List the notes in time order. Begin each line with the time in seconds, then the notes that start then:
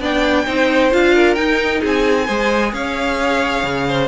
0.00 B3 D4 D5 G5
0.46 C4 D#4 C5
0.91 D4 F4 F5
1.14 A#4
1.34 D#4 G5
1.81 C4 G#4 G#5
2.25 G#3 G#4 C5
2.72 C#4 C#5 F5
3.63 C#3
3.87 C5